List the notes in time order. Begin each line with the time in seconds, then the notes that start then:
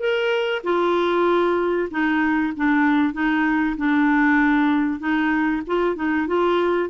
0.00 A#4
0.64 F4
1.91 D#4
2.57 D4
3.14 D#4
3.77 D4
5.00 D#4
5.67 F4
5.96 D#4
6.28 F4